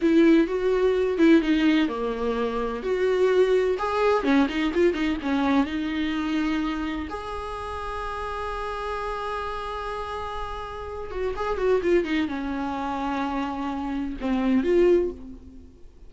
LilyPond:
\new Staff \with { instrumentName = "viola" } { \time 4/4 \tempo 4 = 127 e'4 fis'4. e'8 dis'4 | ais2 fis'2 | gis'4 cis'8 dis'8 f'8 dis'8 cis'4 | dis'2. gis'4~ |
gis'1~ | gis'2.~ gis'8 fis'8 | gis'8 fis'8 f'8 dis'8 cis'2~ | cis'2 c'4 f'4 | }